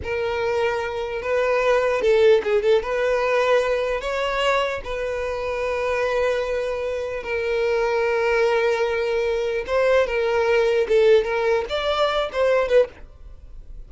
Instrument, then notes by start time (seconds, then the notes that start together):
violin
0.03 A#4
1.22 B4
2.01 A4
2.43 G#4
2.62 A4
2.82 B4
4.00 C#5
4.84 B4
7.23 A#4
9.66 C5
10.06 A#4
10.88 A4
11.24 A#4
11.69 D5
12.32 C5
12.68 B4